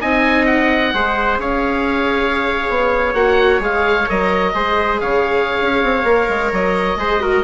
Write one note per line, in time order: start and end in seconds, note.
0.00 0.93 C4
0.00 0.93 D#4
0.00 0.93 D#5
0.00 0.45 G#5
0.45 1.38 F#5
0.93 1.38 G#3
0.93 3.15 G#4
0.93 1.40 C5
1.38 2.66 C#4
1.38 4.54 C#5
1.38 3.14 F5
2.69 3.13 B3
3.13 3.59 A#3
3.13 3.60 F#4
3.13 3.60 F#5
3.59 4.06 G#3
3.59 4.06 G#4
3.59 4.09 F5
4.07 4.54 F#3
4.07 4.53 A#4
4.07 5.00 D#5
4.53 5.00 G#3
4.53 6.04 G#4
4.53 5.01 C5
5.00 5.58 C#3
5.00 6.99 C#5
5.00 6.51 F5
5.61 5.83 C#4
5.83 6.03 C4
6.03 6.27 A#3
6.03 6.97 A#4
6.28 6.52 G#3
6.52 6.96 F#3
6.52 7.43 D#5
6.96 7.42 G#3
6.96 7.20 G#4
6.96 7.21 C5
7.20 7.43 F#4
7.20 7.43 A#4